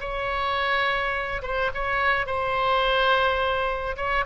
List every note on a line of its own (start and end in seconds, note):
0.00 1.42 C#5
1.42 1.70 C5
1.74 2.26 C#5
2.26 3.96 C5
3.96 4.25 C#5